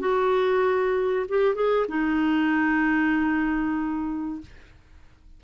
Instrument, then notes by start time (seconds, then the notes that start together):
clarinet
0.00 F#4
1.29 G4
1.55 G#4
1.89 D#4